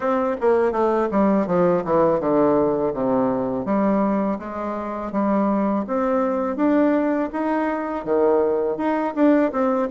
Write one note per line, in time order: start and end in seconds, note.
0.00 0.36 C4
0.40 0.72 A#3
0.72 1.08 A3
1.11 1.46 G3
1.46 1.83 F3
1.84 2.20 E3
2.20 2.93 D3
2.93 3.65 C3
3.65 4.38 G3
4.38 5.12 G#3
5.12 5.85 G3
5.87 6.56 C4
6.56 7.29 D4
7.32 8.04 D#4
8.04 8.77 D#3
8.77 9.14 D#4
9.15 9.51 D4
9.52 9.88 C4